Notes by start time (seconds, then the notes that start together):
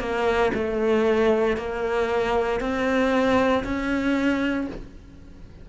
0.00 A#3
0.54 A3
1.57 A#3
2.61 C4
3.64 C#4